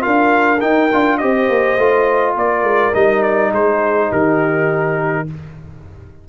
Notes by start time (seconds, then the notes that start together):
0.00 F4 A#4 F5
0.07 D4
0.61 D#4 G5
0.93 D4 F4
1.18 C4 G4 C5 D#5
1.49 A#3
1.78 A3 F4
2.35 A#3 A#4 D5
2.63 G#3
2.94 G3 D#4 D#5
3.23 D5
3.52 G#3 G#4 C5
4.09 D#3 G4 A#4